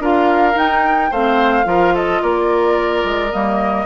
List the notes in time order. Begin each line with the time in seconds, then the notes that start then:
0.00 D4 F4 A#4 F5
0.54 D#4 G5
1.11 A3 C4 C5 F5
1.65 F3 F4 A#4
1.94 A4 D#5
2.22 A#3 A#4 D5
3.04 G#3
3.32 G3 A#3 D#5